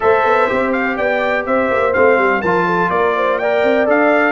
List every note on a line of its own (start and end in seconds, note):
0.00 0.24 A3
0.00 0.47 A4
0.00 0.96 C5
0.00 0.72 E5
0.24 0.49 B3
0.47 0.98 C4
0.47 1.93 G4
0.72 0.96 F5
0.96 1.45 B3
0.96 1.44 D5
0.96 1.45 G5
1.45 1.70 C4
1.45 2.40 C5
1.45 1.93 E5
1.71 1.95 A#3
1.93 2.17 A3
1.93 2.42 C4
1.93 2.41 F5
2.17 2.42 G3
2.40 2.89 F3
2.40 3.42 F4
2.40 2.65 A#4
2.40 2.90 A5
2.66 2.90 A4
2.89 3.62 A#3
2.89 3.15 A#4
2.89 3.38 D5
3.15 3.39 C5
3.38 3.85 A#4
3.38 4.32 D5
3.38 3.86 G5
3.63 3.87 C4
3.85 4.32 D4
3.85 4.32 A4
3.85 4.32 F5